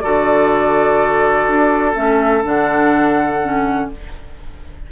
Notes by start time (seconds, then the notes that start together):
0.00 D3 F#4 A4 D5
1.48 D4
1.94 A3 C#4 E5
2.44 D3 D4 F#5
3.43 C#4